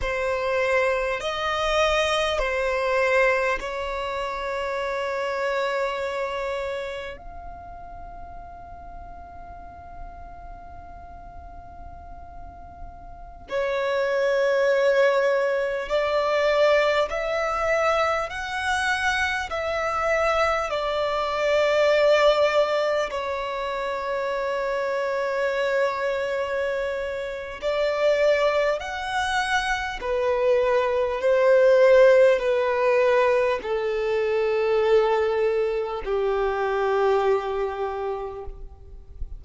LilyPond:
\new Staff \with { instrumentName = "violin" } { \time 4/4 \tempo 4 = 50 c''4 dis''4 c''4 cis''4~ | cis''2 f''2~ | f''2.~ f''16 cis''8.~ | cis''4~ cis''16 d''4 e''4 fis''8.~ |
fis''16 e''4 d''2 cis''8.~ | cis''2. d''4 | fis''4 b'4 c''4 b'4 | a'2 g'2 | }